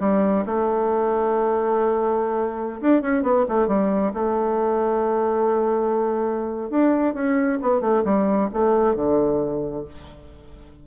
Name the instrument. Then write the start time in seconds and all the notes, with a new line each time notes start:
bassoon
0.00 G3
0.46 A3
2.81 D4
3.02 C#4
3.23 B3
3.49 A3
3.68 G3
4.14 A3
6.70 D4
7.14 C#4
7.62 B3
7.81 A3
8.05 G3
8.53 A3
8.95 D3